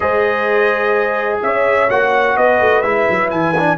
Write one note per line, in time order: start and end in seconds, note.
0.00 1.39 G#3
0.00 1.89 G#4
0.00 1.42 C5
0.00 1.39 D#5
1.42 1.89 C#4
1.42 2.37 C#5
1.42 1.89 E5
1.89 2.36 A#3
1.89 2.83 F#4
1.89 2.36 F#5
2.36 2.60 B3
2.36 3.78 B4
2.36 2.81 D#5
2.60 2.82 A3
2.81 3.06 G#3
2.81 3.54 E4
2.81 3.28 E5
3.09 3.31 F#3
3.30 3.78 E3
3.30 3.77 G#5
3.58 3.78 D4